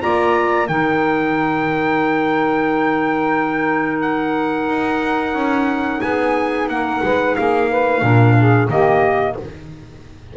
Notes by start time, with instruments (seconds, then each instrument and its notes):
0.00 double bass A#3, clarinet F4, saxophone D5, trumpet A#5
0.68 double bass D#3, clarinet D#4, saxophone A#4, trumpet G5
4.01 trumpet F#5
4.68 double bass D#4
5.34 double bass C#4
6.01 double bass B3, saxophone G#4, trumpet G#5
6.68 double bass A#3, saxophone A#4, trumpet F#5
7.03 double bass G#3, saxophone B4
7.35 double bass A#3, saxophone G#4, trumpet F5
7.69 saxophone B4
8.02 double bass A#2, clarinet D4, saxophone A#4
8.39 saxophone G#4
8.69 double bass D#3, clarinet A#3, saxophone G4, trumpet D#5